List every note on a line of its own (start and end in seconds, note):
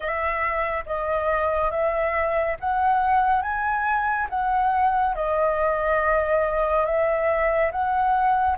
0.00 0.84 E5
0.86 1.70 D#5
1.70 2.56 E5
2.59 3.42 F#5
3.42 4.27 G#5
4.29 5.15 F#5
5.15 6.85 D#5
6.85 7.71 E5
7.71 8.57 F#5